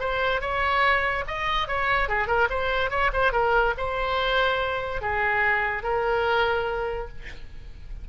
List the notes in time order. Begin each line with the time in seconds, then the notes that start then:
0.00 C5
0.41 C#5
1.28 D#5
1.68 C#5
2.09 G#4
2.28 A#4
2.50 C5
2.91 C#5
3.13 C5
3.33 A#4
3.78 C5
5.02 G#4
5.83 A#4